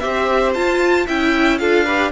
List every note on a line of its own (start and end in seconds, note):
0.00 0.55 C4
0.00 0.55 G4
0.00 1.07 C5
0.00 0.53 E5
0.54 1.07 F4
0.54 1.08 F4
0.54 1.07 A5
1.07 1.61 C#4
1.07 1.60 E4
1.07 1.59 E5
1.07 1.59 G5
1.59 2.12 D4
1.59 1.86 F4
1.59 1.85 A4
1.59 2.11 F5
1.85 2.12 G4
1.85 2.11 B4